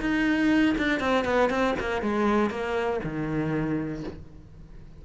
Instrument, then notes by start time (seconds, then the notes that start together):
cello
0.00 D#4
0.78 D4
1.00 C4
1.25 B3
1.49 C4
1.79 A#3
2.02 G#3
2.50 A#3
3.04 D#3